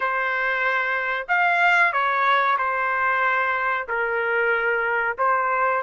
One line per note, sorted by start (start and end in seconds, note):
0.00 1.26 C5
1.28 1.92 F5
1.92 2.57 C#5
2.58 3.87 C5
3.88 5.17 A#4
5.18 5.82 C5